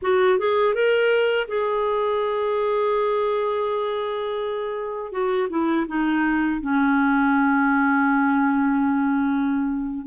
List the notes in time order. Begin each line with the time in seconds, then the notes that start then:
0.02 F#4
0.39 G#4
0.74 A#4
1.47 G#4
5.12 F#4
5.49 E4
5.87 D#4
6.61 C#4